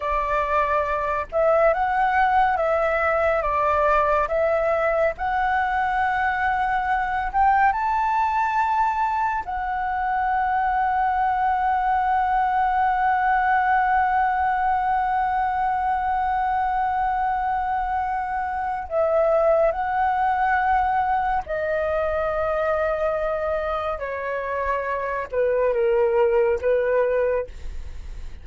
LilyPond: \new Staff \with { instrumentName = "flute" } { \time 4/4 \tempo 4 = 70 d''4. e''8 fis''4 e''4 | d''4 e''4 fis''2~ | fis''8 g''8 a''2 fis''4~ | fis''1~ |
fis''1~ | fis''2 e''4 fis''4~ | fis''4 dis''2. | cis''4. b'8 ais'4 b'4 | }